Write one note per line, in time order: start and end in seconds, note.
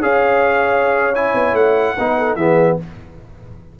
0.00 1.34 C#4
0.00 1.14 G#4
0.00 1.97 C#5
0.00 1.15 F5
1.15 1.98 E4
1.15 1.55 G#5
1.34 1.53 B3
1.53 1.94 A3
1.53 2.36 F#5
1.97 2.36 B3
1.97 2.39 D#4
1.97 2.17 B4
2.19 2.38 A4
2.36 2.77 E3
2.36 2.80 B3
2.36 2.79 G#4
2.36 2.77 E5